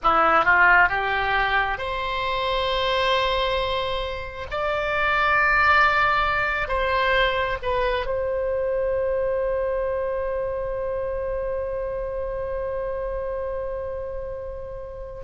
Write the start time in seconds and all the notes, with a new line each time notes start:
0.02 E4
0.44 F4
0.88 G4
1.77 C5
4.51 D5
6.68 C5
7.62 B4
8.06 C5